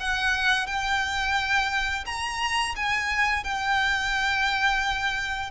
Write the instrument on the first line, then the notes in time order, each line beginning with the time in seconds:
violin
0.00 F#5
0.67 G5
2.06 A#5
2.76 G#5
3.44 G5